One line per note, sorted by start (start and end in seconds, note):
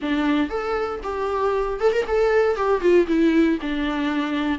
0.01 0.49 D4
0.49 1.00 A4
1.03 1.80 G4
1.80 1.92 A4
1.92 2.05 A#4
2.07 2.56 A4
2.56 2.80 G4
2.80 3.06 F4
3.07 3.58 E4
3.61 4.59 D4